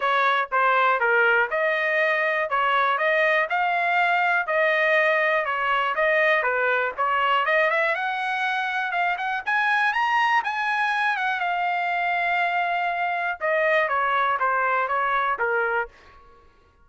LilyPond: \new Staff \with { instrumentName = "trumpet" } { \time 4/4 \tempo 4 = 121 cis''4 c''4 ais'4 dis''4~ | dis''4 cis''4 dis''4 f''4~ | f''4 dis''2 cis''4 | dis''4 b'4 cis''4 dis''8 e''8 |
fis''2 f''8 fis''8 gis''4 | ais''4 gis''4. fis''8 f''4~ | f''2. dis''4 | cis''4 c''4 cis''4 ais'4 | }